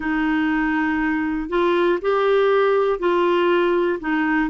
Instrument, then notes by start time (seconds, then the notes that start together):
clarinet
0.00 D#4
1.49 F4
2.01 G4
2.99 F4
4.00 D#4